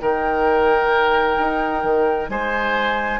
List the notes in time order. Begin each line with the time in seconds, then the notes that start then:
0.00 D#3 D#4 A#4 G5
1.38 D#4
1.83 D#3
2.28 G#3 C5 G#5